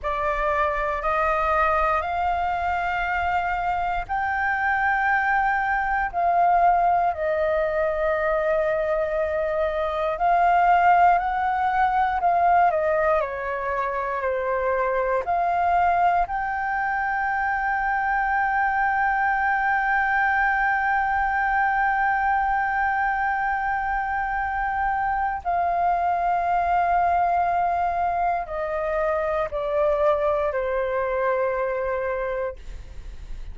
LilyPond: \new Staff \with { instrumentName = "flute" } { \time 4/4 \tempo 4 = 59 d''4 dis''4 f''2 | g''2 f''4 dis''4~ | dis''2 f''4 fis''4 | f''8 dis''8 cis''4 c''4 f''4 |
g''1~ | g''1~ | g''4 f''2. | dis''4 d''4 c''2 | }